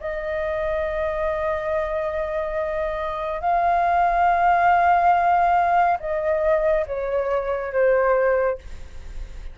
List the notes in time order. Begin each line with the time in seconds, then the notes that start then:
0.00 D#5
3.41 F5
6.00 D#5
6.87 C#5
7.73 C5